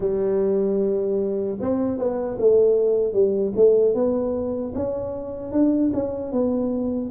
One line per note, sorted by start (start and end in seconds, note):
0.00 1.58 G3
1.60 1.97 C4
1.97 2.37 B3
2.38 3.13 A3
3.13 3.52 G3
3.56 3.94 A3
3.94 4.73 B3
4.74 5.52 C#4
5.52 5.91 D4
5.93 6.32 C#4
6.32 7.10 B3